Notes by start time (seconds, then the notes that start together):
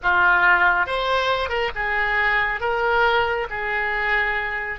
0.02 F4
0.86 C5
1.49 A#4
1.75 G#4
2.60 A#4
3.49 G#4